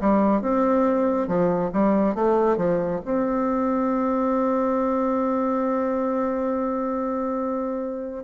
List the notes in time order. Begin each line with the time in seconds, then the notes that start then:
0.00 G3
0.41 C4
1.27 F3
1.73 G3
2.15 A3
2.57 F3
3.04 C4